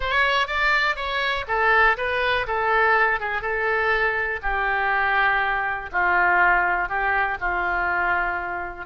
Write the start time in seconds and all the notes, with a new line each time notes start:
0.00 C#5
0.47 D5
0.96 C#5
1.47 A4
1.97 B4
2.47 A4
3.20 G#4
3.41 A4
4.42 G4
5.92 F4
6.88 G4
7.40 F4